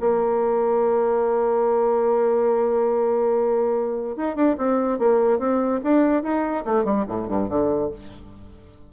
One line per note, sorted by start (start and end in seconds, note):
0.00 4.17 A#3
4.17 4.36 D#4
4.36 4.57 D4
4.58 4.99 C4
4.99 5.39 A#3
5.39 5.81 C4
5.84 6.23 D4
6.23 6.65 D#4
6.65 6.85 A3
6.85 7.05 G3
7.08 7.28 A2
7.28 7.49 G2
7.49 7.91 D3